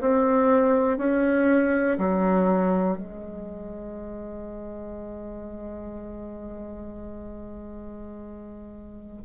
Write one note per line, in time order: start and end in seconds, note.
0.00 0.97 C4
0.97 1.97 C#4
1.98 2.98 F#3
2.98 9.23 G#3